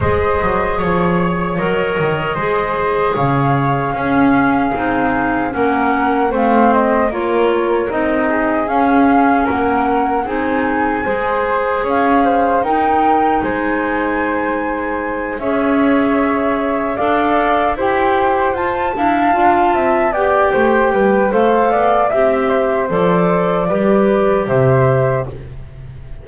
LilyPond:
<<
  \new Staff \with { instrumentName = "flute" } { \time 4/4 \tempo 4 = 76 dis''4 cis''4 dis''2 | f''2. fis''4 | f''8 dis''8 cis''4 dis''4 f''4 | fis''4 gis''2 f''4 |
g''4 gis''2~ gis''8 e''8~ | e''4. f''4 g''4 a''8~ | a''4. g''4. f''4 | e''4 d''2 e''4 | }
  \new Staff \with { instrumentName = "flute" } { \time 4/4 c''4 cis''2 c''4 | cis''4 gis'2 ais'4 | c''4 ais'4. gis'4. | ais'4 gis'4 c''4 cis''8 c''8 |
ais'4 c''2~ c''8 cis''8~ | cis''4. d''4 c''4. | f''4 e''8 d''8 c''8 b'8 c''8 d''8 | e''8 c''4. b'4 c''4 | }
  \new Staff \with { instrumentName = "clarinet" } { \time 4/4 gis'2 ais'4 gis'4~ | gis'4 cis'4 dis'4 cis'4 | c'4 f'4 dis'4 cis'4~ | cis'4 dis'4 gis'2 |
dis'2.~ dis'8 gis'8~ | gis'4. a'4 g'4 f'8 | d'8 f'4 g'4. a'4 | g'4 a'4 g'2 | }
  \new Staff \with { instrumentName = "double bass" } { \time 4/4 gis8 fis8 f4 fis8 dis8 gis4 | cis4 cis'4 c'4 ais4 | a4 ais4 c'4 cis'4 | ais4 c'4 gis4 cis'4 |
dis'4 gis2~ gis8 cis'8~ | cis'4. d'4 e'4 f'8 | e'8 d'8 c'8 b8 a8 g8 a8 b8 | c'4 f4 g4 c4 | }
>>